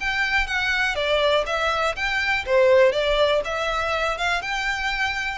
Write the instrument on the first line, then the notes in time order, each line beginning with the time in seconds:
violin
0.00 G5
0.47 F#5
0.95 D5
1.46 E5
1.95 G5
2.46 C5
2.92 D5
3.44 E5
4.17 F5
4.42 G5